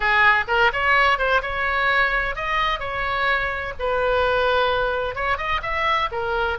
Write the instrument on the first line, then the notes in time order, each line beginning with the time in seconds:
oboe
0.00 G#4
0.47 A#4
0.73 C#5
1.18 C5
1.41 C#5
2.35 D#5
2.79 C#5
3.79 B4
5.15 C#5
5.37 D#5
5.62 E5
6.11 A#4